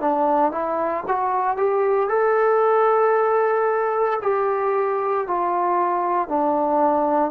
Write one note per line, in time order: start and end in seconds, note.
0.00 0.51 D4
0.51 1.04 E4
1.07 1.56 F#4
1.56 2.09 G4
2.09 4.19 A4
4.22 5.27 G4
5.27 6.28 F4
6.28 7.31 D4